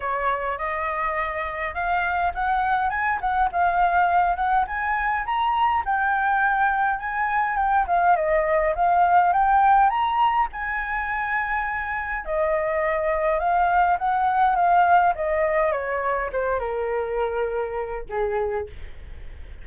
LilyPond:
\new Staff \with { instrumentName = "flute" } { \time 4/4 \tempo 4 = 103 cis''4 dis''2 f''4 | fis''4 gis''8 fis''8 f''4. fis''8 | gis''4 ais''4 g''2 | gis''4 g''8 f''8 dis''4 f''4 |
g''4 ais''4 gis''2~ | gis''4 dis''2 f''4 | fis''4 f''4 dis''4 cis''4 | c''8 ais'2~ ais'8 gis'4 | }